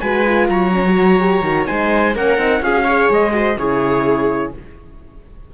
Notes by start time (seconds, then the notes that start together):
0.00 G#3 F#4 B4 G#5
0.25 F4
0.49 F#3 C#5 A#5
0.73 C#4
0.87 F#4
1.20 G4
1.42 D#3 F#4
1.66 G#3 D#4 C5 G#5
2.15 A#3 C#4 A#4 F#5
2.38 C4 D#4
2.61 C#4 F4 G#4 F5
2.74 F#4
2.84 G#4 C#5
3.10 G#3 D#5
3.33 F#4 C5
3.57 C#3 E4 G#4 C#5